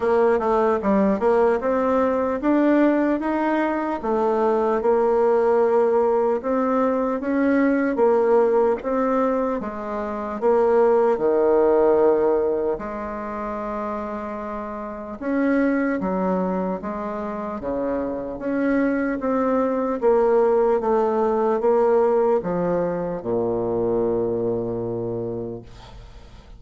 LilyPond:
\new Staff \with { instrumentName = "bassoon" } { \time 4/4 \tempo 4 = 75 ais8 a8 g8 ais8 c'4 d'4 | dis'4 a4 ais2 | c'4 cis'4 ais4 c'4 | gis4 ais4 dis2 |
gis2. cis'4 | fis4 gis4 cis4 cis'4 | c'4 ais4 a4 ais4 | f4 ais,2. | }